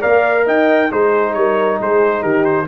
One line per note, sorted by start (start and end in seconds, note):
0.00 0.47 A#3
0.00 0.89 A#4
0.00 0.44 D5
0.00 0.46 F5
0.46 0.91 D#4
0.46 0.90 D#5
0.46 0.92 G5
0.90 1.35 G#3
0.90 2.66 D#4
0.90 1.36 G#4
0.90 1.34 C5
1.34 1.79 G3
1.34 1.81 A#4
1.34 1.78 C#5
1.80 2.23 G#3
1.80 2.22 G#4
1.80 2.23 C5
2.22 2.67 D#3
2.22 2.66 G4
2.22 2.45 A#4
2.45 2.67 C5